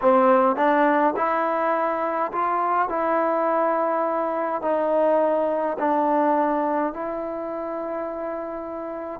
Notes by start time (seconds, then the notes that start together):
0.01 C4
0.56 D4
1.16 E4
2.31 F4
2.88 E4
4.62 D#4
5.78 D4
6.93 E4